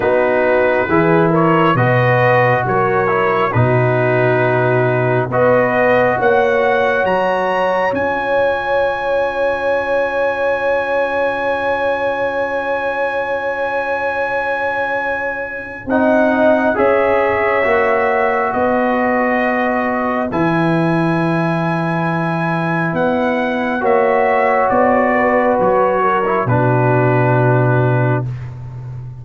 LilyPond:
<<
  \new Staff \with { instrumentName = "trumpet" } { \time 4/4 \tempo 4 = 68 b'4. cis''8 dis''4 cis''4 | b'2 dis''4 fis''4 | ais''4 gis''2.~ | gis''1~ |
gis''2 fis''4 e''4~ | e''4 dis''2 gis''4~ | gis''2 fis''4 e''4 | d''4 cis''4 b'2 | }
  \new Staff \with { instrumentName = "horn" } { \time 4/4 fis'4 gis'8 ais'8 b'4 ais'4 | fis'2 b'4 cis''4~ | cis''1~ | cis''1~ |
cis''2 dis''4 cis''4~ | cis''4 b'2.~ | b'2. cis''4~ | cis''8 b'4 ais'8 fis'2 | }
  \new Staff \with { instrumentName = "trombone" } { \time 4/4 dis'4 e'4 fis'4. e'8 | dis'2 fis'2~ | fis'4 f'2.~ | f'1~ |
f'2 dis'4 gis'4 | fis'2. e'4~ | e'2. fis'4~ | fis'4.~ fis'16 e'16 d'2 | }
  \new Staff \with { instrumentName = "tuba" } { \time 4/4 b4 e4 b,4 fis4 | b,2 b4 ais4 | fis4 cis'2.~ | cis'1~ |
cis'2 c'4 cis'4 | ais4 b2 e4~ | e2 b4 ais4 | b4 fis4 b,2 | }
>>